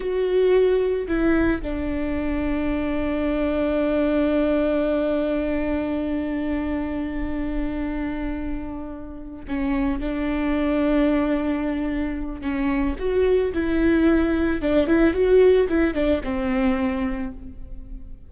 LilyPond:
\new Staff \with { instrumentName = "viola" } { \time 4/4 \tempo 4 = 111 fis'2 e'4 d'4~ | d'1~ | d'1~ | d'1~ |
d'4. cis'4 d'4.~ | d'2. cis'4 | fis'4 e'2 d'8 e'8 | fis'4 e'8 d'8 c'2 | }